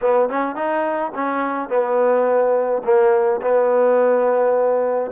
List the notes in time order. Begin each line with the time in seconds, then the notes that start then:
0.01 B3
0.29 C#4
0.55 D#4
1.14 C#4
1.69 B3
2.84 A#3
3.41 B3